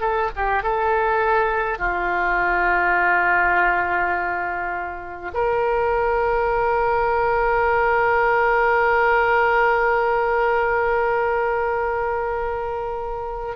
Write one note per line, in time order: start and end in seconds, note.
0.00 0.29 A4
0.35 0.62 G4
0.62 1.78 A4
1.78 5.31 F4
5.33 13.56 A#4